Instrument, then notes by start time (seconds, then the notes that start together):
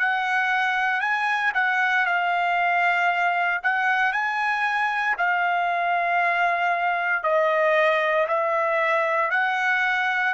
trumpet
0.00 F#5
1.01 G#5
1.55 F#5
2.06 F5
3.63 F#5
4.13 G#5
5.18 F5
7.24 D#5
8.28 E5
9.31 F#5